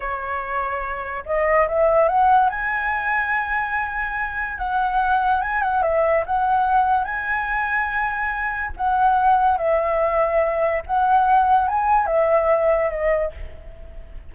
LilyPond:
\new Staff \with { instrumentName = "flute" } { \time 4/4 \tempo 4 = 144 cis''2. dis''4 | e''4 fis''4 gis''2~ | gis''2. fis''4~ | fis''4 gis''8 fis''8 e''4 fis''4~ |
fis''4 gis''2.~ | gis''4 fis''2 e''4~ | e''2 fis''2 | gis''4 e''2 dis''4 | }